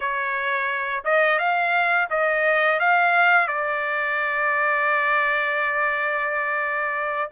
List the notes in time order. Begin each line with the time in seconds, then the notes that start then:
0.00 C#5
1.04 D#5
1.38 F5
2.10 D#5
2.79 F5
3.47 D5